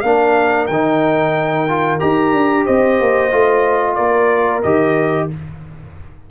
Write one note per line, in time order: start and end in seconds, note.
0.00 0.68 A#3
0.00 0.70 D4
0.00 0.66 F5
0.07 2.65 A#4
0.67 2.00 D#3
0.67 1.68 D#4
0.67 1.98 G5
1.68 1.99 F4
1.99 2.32 D#4
1.99 3.31 G4
1.99 2.66 A#5
2.32 2.65 D4
2.65 3.00 C4
2.65 3.95 C5
2.65 3.95 D#5
3.00 3.32 A#3
3.31 3.97 A3
3.31 4.63 F4
3.95 4.63 A#3
3.95 5.27 A#4
3.95 4.61 D5
4.63 5.30 D#3
4.63 5.30 G4
4.63 5.29 D#5